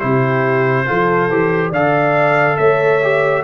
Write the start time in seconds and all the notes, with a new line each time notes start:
0.00 C3 E4 G4 C5
0.86 F3 F4 A4
1.30 E3 G4
1.70 D3 A4 D5 F5
2.57 A3 C#5 E5
3.02 G4